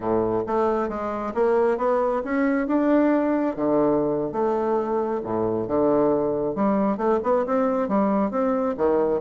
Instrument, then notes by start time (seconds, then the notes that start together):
bassoon
0.00 A2
0.47 A3
0.88 G#3
1.34 A#3
1.77 B3
2.24 C#4
2.67 D4
3.56 D3
4.32 A3
5.23 A2
5.67 D3
6.55 G3
6.97 A3
7.23 B3
7.45 C4
7.88 G3
8.31 C4
8.77 D#3